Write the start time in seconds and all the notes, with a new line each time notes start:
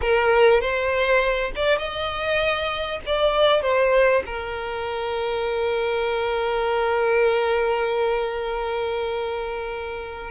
0.01 A#4
0.61 C5
1.55 D5
1.78 D#5
3.06 D5
3.62 C5
4.26 A#4